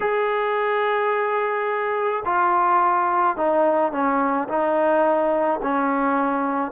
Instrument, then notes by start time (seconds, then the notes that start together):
trombone
0.00 G#4
2.25 F4
3.36 D#4
3.92 C#4
4.48 D#4
5.62 C#4